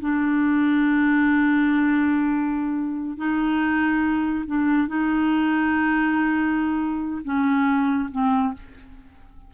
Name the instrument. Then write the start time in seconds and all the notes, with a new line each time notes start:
clarinet
0.00 D4
3.17 D#4
4.46 D4
4.87 D#4
7.24 C#4
8.11 C4